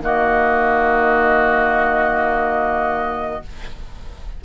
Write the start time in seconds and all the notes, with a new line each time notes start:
0.00 D#3 A#3 F#4 D#5